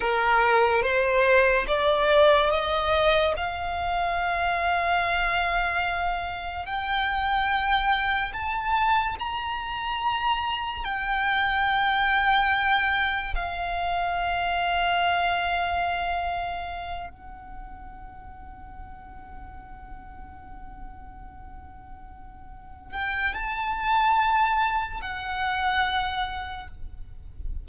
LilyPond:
\new Staff \with { instrumentName = "violin" } { \time 4/4 \tempo 4 = 72 ais'4 c''4 d''4 dis''4 | f''1 | g''2 a''4 ais''4~ | ais''4 g''2. |
f''1~ | f''8 fis''2.~ fis''8~ | fis''2.~ fis''8 g''8 | a''2 fis''2 | }